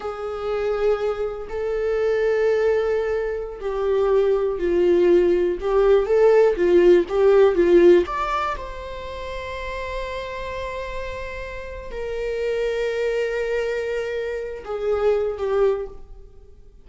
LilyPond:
\new Staff \with { instrumentName = "viola" } { \time 4/4 \tempo 4 = 121 gis'2. a'4~ | a'2.~ a'16 g'8.~ | g'4~ g'16 f'2 g'8.~ | g'16 a'4 f'4 g'4 f'8.~ |
f'16 d''4 c''2~ c''8.~ | c''1 | ais'1~ | ais'4. gis'4. g'4 | }